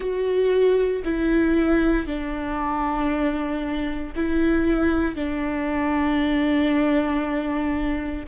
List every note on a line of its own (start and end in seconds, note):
0.00 1.03 F#4
1.04 2.06 E4
2.06 4.13 D4
4.15 5.15 E4
5.15 8.25 D4